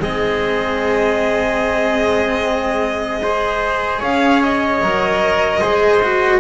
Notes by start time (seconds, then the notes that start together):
0.00 G#3 C4 G#4 D#5
3.23 G#4 C5
4.00 C#4 C#5 F5
4.43 D#5
4.82 F#3 A#4
5.61 G#3 G#4 C5
6.03 F#4